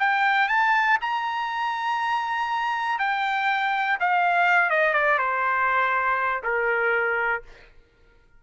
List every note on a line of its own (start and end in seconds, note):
0.00 0.48 G5
0.48 0.98 A5
1.01 2.99 A#5
2.99 3.98 G5
4.00 4.70 F5
4.70 4.94 D#5
4.94 5.19 D5
5.19 6.43 C5
6.43 7.43 A#4